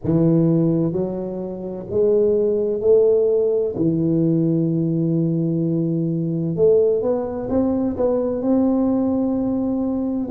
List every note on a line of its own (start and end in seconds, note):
0.04 0.92 E3
0.92 1.86 F#3
1.90 2.80 G#3
2.80 3.74 A3
3.75 6.56 E3
6.56 7.01 A3
7.01 7.48 B3
7.49 7.96 C4
7.96 8.42 B3
8.42 10.29 C4